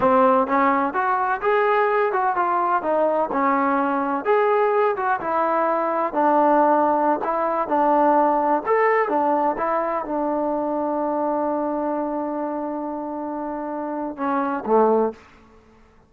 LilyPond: \new Staff \with { instrumentName = "trombone" } { \time 4/4 \tempo 4 = 127 c'4 cis'4 fis'4 gis'4~ | gis'8 fis'8 f'4 dis'4 cis'4~ | cis'4 gis'4. fis'8 e'4~ | e'4 d'2~ d'16 e'8.~ |
e'16 d'2 a'4 d'8.~ | d'16 e'4 d'2~ d'8.~ | d'1~ | d'2 cis'4 a4 | }